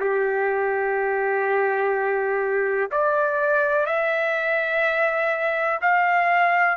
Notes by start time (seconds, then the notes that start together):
0.00 G4
2.91 D5
3.86 E5
5.81 F5